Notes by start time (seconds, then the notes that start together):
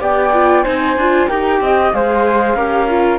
0.00 B3 G4 D5 G5
0.34 F4
0.64 C4 D#4 C5 G#5
0.97 D4 F4
1.28 D#4 G4 A#4 G5
1.61 C4 D#5
1.93 G#3 G#4 C5 F5
2.55 C#4 G4 A#4
2.89 F4